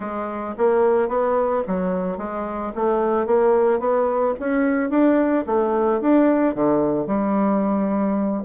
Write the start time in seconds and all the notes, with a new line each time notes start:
0.00 G#3
0.57 A#3
1.08 B3
1.67 F#3
2.17 G#3
2.75 A3
3.26 A#3
3.79 B3
4.39 C#4
4.90 D4
5.46 A3
6.00 D4
6.54 D3
7.06 G3